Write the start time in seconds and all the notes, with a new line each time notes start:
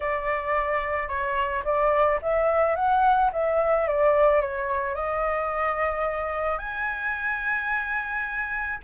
0.00 D5
1.08 C#5
1.64 D5
2.22 E5
2.75 F#5
3.32 E5
3.87 D5
4.41 C#5
4.94 D#5
6.58 G#5